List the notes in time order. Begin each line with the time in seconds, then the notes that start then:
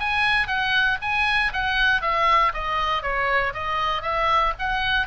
0.00 G#5
0.47 F#5
1.02 G#5
1.53 F#5
2.02 E5
2.54 D#5
3.03 C#5
3.54 D#5
4.02 E5
4.59 F#5